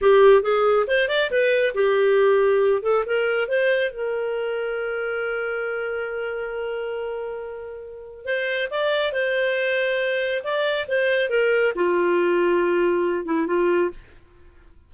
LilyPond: \new Staff \with { instrumentName = "clarinet" } { \time 4/4 \tempo 4 = 138 g'4 gis'4 c''8 d''8 b'4 | g'2~ g'8 a'8 ais'4 | c''4 ais'2.~ | ais'1~ |
ais'2. c''4 | d''4 c''2. | d''4 c''4 ais'4 f'4~ | f'2~ f'8 e'8 f'4 | }